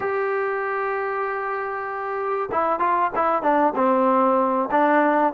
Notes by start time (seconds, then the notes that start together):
0.00 G4
2.51 E4
2.79 F4
3.15 E4
3.42 D4
3.75 C4
4.71 D4